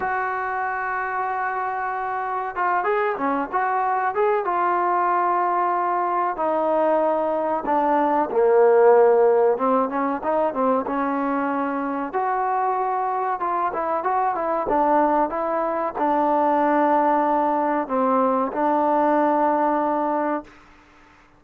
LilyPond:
\new Staff \with { instrumentName = "trombone" } { \time 4/4 \tempo 4 = 94 fis'1 | f'8 gis'8 cis'8 fis'4 gis'8 f'4~ | f'2 dis'2 | d'4 ais2 c'8 cis'8 |
dis'8 c'8 cis'2 fis'4~ | fis'4 f'8 e'8 fis'8 e'8 d'4 | e'4 d'2. | c'4 d'2. | }